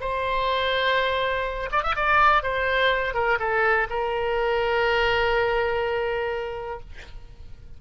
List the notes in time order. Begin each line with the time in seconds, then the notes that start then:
0.00 C5
1.72 D5
1.83 E5
1.96 D5
2.43 C5
3.14 A#4
3.39 A4
3.89 A#4